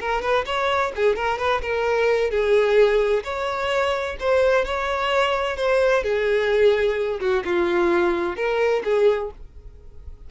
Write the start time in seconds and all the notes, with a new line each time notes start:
0.00 A#4
0.21 B4
0.46 C#5
0.96 G#4
1.16 A#4
1.38 B4
1.62 A#4
2.30 G#4
3.23 C#5
4.20 C5
4.65 C#5
5.56 C5
6.03 G#4
7.20 F#4
7.45 F4
8.36 A#4
8.84 G#4